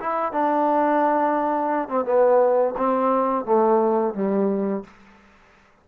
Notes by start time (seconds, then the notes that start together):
0.00 E4
0.32 D4
1.89 C4
2.05 B3
2.77 C4
3.45 A3
4.14 G3